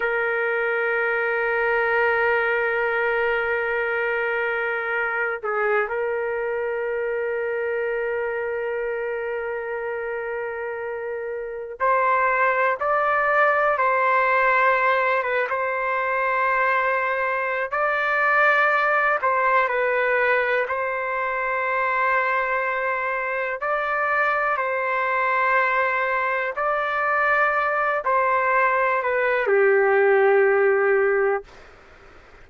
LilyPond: \new Staff \with { instrumentName = "trumpet" } { \time 4/4 \tempo 4 = 61 ais'1~ | ais'4. gis'8 ais'2~ | ais'1 | c''4 d''4 c''4. b'16 c''16~ |
c''2 d''4. c''8 | b'4 c''2. | d''4 c''2 d''4~ | d''8 c''4 b'8 g'2 | }